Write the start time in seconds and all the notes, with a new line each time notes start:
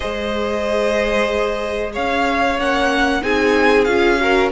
0.00 G#3 G#4 C5 D#5
1.92 C#4 C#5 F5
2.58 A#3 C#4 F#5
3.21 C4 D#4 G#4 G#5
3.84 C#4 F4 F5
4.18 F#4 A#4